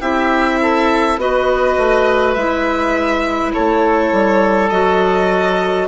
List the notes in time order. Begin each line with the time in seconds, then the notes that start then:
0.00 C4 E4 G4 E5
0.62 A4
1.17 B3 F#4 B4 D#5
1.77 A3
2.34 G#3 E4 E5
3.54 A3 A4 C#5
4.12 G3
4.70 F#3 F#4 D#5